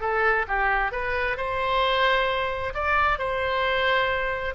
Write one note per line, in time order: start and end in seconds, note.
0.00 0.45 A4
0.47 0.91 G4
0.91 1.37 B4
1.37 2.73 C5
2.74 3.18 D5
3.18 4.54 C5